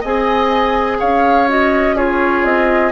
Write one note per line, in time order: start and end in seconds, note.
0.00 1.00 C4
0.00 1.48 G#4
0.00 0.97 D#5
0.00 1.00 G#5
0.99 2.44 C#4
0.99 1.96 C#5
0.99 1.49 F5
1.48 1.97 F#4
1.48 1.97 D#5
1.96 2.92 F4
1.96 2.92 G#4
1.96 2.44 C#5
2.44 2.92 C4
2.44 2.92 D#5